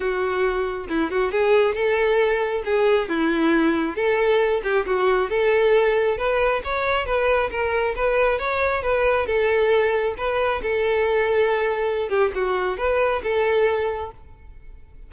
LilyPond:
\new Staff \with { instrumentName = "violin" } { \time 4/4 \tempo 4 = 136 fis'2 e'8 fis'8 gis'4 | a'2 gis'4 e'4~ | e'4 a'4. g'8 fis'4 | a'2 b'4 cis''4 |
b'4 ais'4 b'4 cis''4 | b'4 a'2 b'4 | a'2.~ a'8 g'8 | fis'4 b'4 a'2 | }